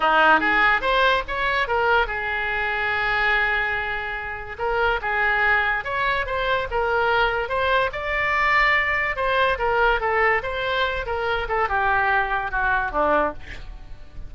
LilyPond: \new Staff \with { instrumentName = "oboe" } { \time 4/4 \tempo 4 = 144 dis'4 gis'4 c''4 cis''4 | ais'4 gis'2.~ | gis'2. ais'4 | gis'2 cis''4 c''4 |
ais'2 c''4 d''4~ | d''2 c''4 ais'4 | a'4 c''4. ais'4 a'8 | g'2 fis'4 d'4 | }